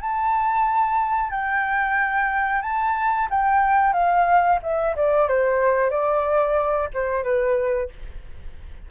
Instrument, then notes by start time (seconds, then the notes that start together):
flute
0.00 A5
1.30 G5
2.61 A5
3.30 G5
3.93 F5
4.62 E5
4.95 D5
5.28 C5
5.90 D5
6.94 C5
7.23 B4